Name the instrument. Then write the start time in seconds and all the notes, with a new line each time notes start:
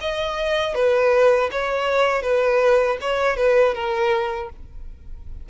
violin
0.00 D#5
0.74 B4
1.51 C#5
2.22 B4
3.01 C#5
3.36 B4
3.74 A#4